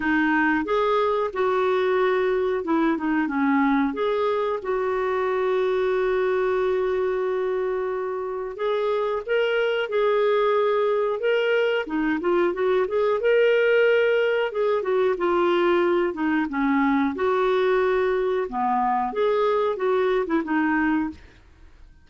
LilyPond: \new Staff \with { instrumentName = "clarinet" } { \time 4/4 \tempo 4 = 91 dis'4 gis'4 fis'2 | e'8 dis'8 cis'4 gis'4 fis'4~ | fis'1~ | fis'4 gis'4 ais'4 gis'4~ |
gis'4 ais'4 dis'8 f'8 fis'8 gis'8 | ais'2 gis'8 fis'8 f'4~ | f'8 dis'8 cis'4 fis'2 | b4 gis'4 fis'8. e'16 dis'4 | }